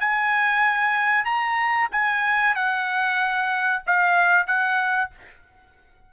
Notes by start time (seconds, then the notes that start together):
0.00 G#5
1.24 A#5
1.91 G#5
2.55 F#5
3.86 F5
4.47 F#5